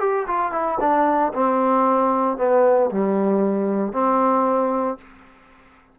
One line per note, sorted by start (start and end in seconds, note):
0.00 0.26 G4
0.27 0.52 F4
0.52 0.79 E4
0.80 1.33 D4
1.34 2.38 C4
2.38 2.91 B3
2.91 3.93 G3
3.93 4.98 C4